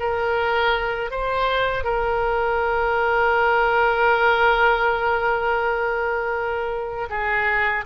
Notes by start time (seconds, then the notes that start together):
0.00 A#4
1.11 C5
1.84 A#4
7.10 G#4